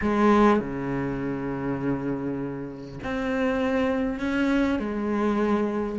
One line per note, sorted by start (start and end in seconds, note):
0.01 0.59 G#3
0.59 2.99 C#3
3.03 4.19 C4
4.19 4.79 C#4
4.79 5.99 G#3